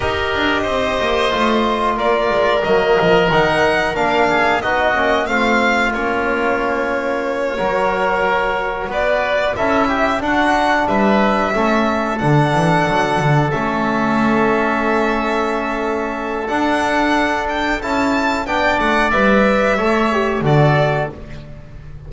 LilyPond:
<<
  \new Staff \with { instrumentName = "violin" } { \time 4/4 \tempo 4 = 91 dis''2. d''4 | dis''4 fis''4 f''4 dis''4 | f''4 cis''2.~ | cis''4. d''4 e''4 fis''8~ |
fis''8 e''2 fis''4.~ | fis''8 e''2.~ e''8~ | e''4 fis''4. g''8 a''4 | g''8 fis''8 e''2 d''4 | }
  \new Staff \with { instrumentName = "oboe" } { \time 4/4 ais'4 c''2 ais'4~ | ais'2~ ais'8 gis'8 fis'4 | f'2.~ f'8 ais'8~ | ais'4. b'4 a'8 g'8 fis'8~ |
fis'8 b'4 a'2~ a'8~ | a'1~ | a'1 | d''2 cis''4 a'4 | }
  \new Staff \with { instrumentName = "trombone" } { \time 4/4 g'2 f'2 | ais4 dis'4 d'4 dis'8 cis'8 | c'4 cis'2~ cis'8 fis'8~ | fis'2~ fis'8 e'4 d'8~ |
d'4. cis'4 d'4.~ | d'8 cis'2.~ cis'8~ | cis'4 d'2 e'4 | d'4 b'4 a'8 g'8 fis'4 | }
  \new Staff \with { instrumentName = "double bass" } { \time 4/4 dis'8 d'8 c'8 ais8 a4 ais8 gis8 | fis8 f8 dis4 ais4 b8 ais8 | a4 ais2~ ais8 fis8~ | fis4. b4 cis'4 d'8~ |
d'8 g4 a4 d8 e8 fis8 | d8 a2.~ a8~ | a4 d'2 cis'4 | b8 a8 g4 a4 d4 | }
>>